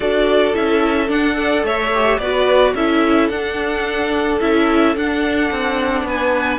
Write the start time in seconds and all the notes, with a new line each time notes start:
0.00 D4 F#4 A4 D5
0.53 C#4 E4 E5
1.07 D4 F#5
1.33 A4 D5
1.63 A3 C#5 E5
1.93 G4
2.18 B3 F#4 B4 D5
2.74 C#4 E4 A4 E5
3.29 D4 F#5
4.40 C#4 E4 E5
4.95 D4 F#5
5.51 C4
6.03 B3 B4 G#5